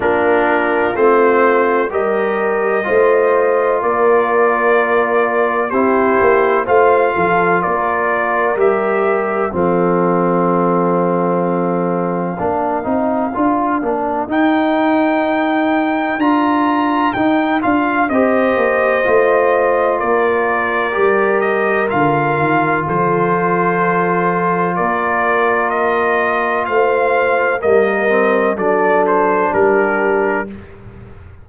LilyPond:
<<
  \new Staff \with { instrumentName = "trumpet" } { \time 4/4 \tempo 4 = 63 ais'4 c''4 dis''2 | d''2 c''4 f''4 | d''4 e''4 f''2~ | f''2. g''4~ |
g''4 ais''4 g''8 f''8 dis''4~ | dis''4 d''4. dis''8 f''4 | c''2 d''4 dis''4 | f''4 dis''4 d''8 c''8 ais'4 | }
  \new Staff \with { instrumentName = "horn" } { \time 4/4 f'2 ais'4 c''4 | ais'2 g'4 c''8 a'8 | ais'2 a'2~ | a'4 ais'2.~ |
ais'2. c''4~ | c''4 ais'2. | a'2 ais'2 | c''4 ais'4 a'4 g'4 | }
  \new Staff \with { instrumentName = "trombone" } { \time 4/4 d'4 c'4 g'4 f'4~ | f'2 e'4 f'4~ | f'4 g'4 c'2~ | c'4 d'8 dis'8 f'8 d'8 dis'4~ |
dis'4 f'4 dis'8 f'8 g'4 | f'2 g'4 f'4~ | f'1~ | f'4 ais8 c'8 d'2 | }
  \new Staff \with { instrumentName = "tuba" } { \time 4/4 ais4 a4 g4 a4 | ais2 c'8 ais8 a8 f8 | ais4 g4 f2~ | f4 ais8 c'8 d'8 ais8 dis'4~ |
dis'4 d'4 dis'8 d'8 c'8 ais8 | a4 ais4 g4 d8 dis8 | f2 ais2 | a4 g4 fis4 g4 | }
>>